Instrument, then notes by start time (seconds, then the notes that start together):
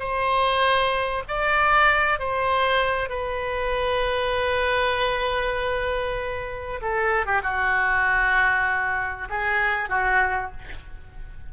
oboe
0.00 C5
1.28 D5
2.20 C5
3.10 B4
6.82 A4
7.26 G4
7.43 F#4
9.30 G#4
9.89 F#4